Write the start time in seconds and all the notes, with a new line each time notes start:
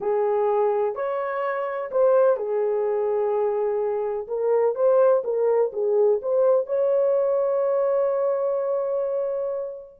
0.01 G#4
0.95 C#5
1.91 C5
2.36 G#4
4.27 A#4
4.75 C5
5.23 A#4
5.73 G#4
6.21 C5
6.66 C#5